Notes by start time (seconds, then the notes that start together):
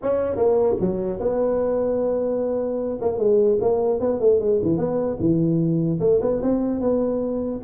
0.02 C#4
0.35 A#3
0.80 F#3
1.19 B3
3.01 A#3
3.18 G#3
3.61 A#3
4.00 B3
4.20 A3
4.40 G#3
4.62 E3
4.77 B3
5.19 E3
5.99 A3
6.21 B3
6.41 C4
6.80 B3